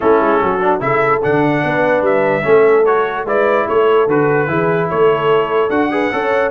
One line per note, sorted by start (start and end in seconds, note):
0.00 0.20 A3
0.00 0.60 C#4
0.00 0.41 E4
0.00 0.80 A4
0.20 0.41 G#3
0.41 0.81 F#3
0.41 0.82 F#4
0.60 0.80 D4
0.80 1.21 C#3
0.80 1.21 E4
0.80 1.65 A4
0.80 1.21 E5
1.22 1.63 D3
1.22 2.42 D4
1.22 2.04 F#5
1.63 2.01 B3
1.63 2.44 B4
2.01 2.42 G3
2.01 2.85 E5
2.42 3.25 A3
2.42 2.83 C#4
2.42 3.25 A4
2.85 3.26 F#4
2.85 3.26 C#5
3.25 3.65 G#3
3.25 4.08 E4
3.25 3.67 B4
3.25 3.68 D5
3.68 4.07 A3
3.68 4.49 A4
3.68 4.09 C#5
4.07 4.48 D3
4.07 4.47 F#4
4.07 4.89 B4
4.47 4.88 E3
4.47 5.70 E4
4.47 4.89 G#4
4.89 5.69 A3
4.89 5.91 A4
4.89 5.70 C#5
5.69 6.10 D4
5.69 5.90 F#4
5.69 6.50 F#5
5.90 6.11 G#4
5.90 6.12 B4
6.12 6.50 C#4
6.12 6.50 A4
6.12 6.50 C#5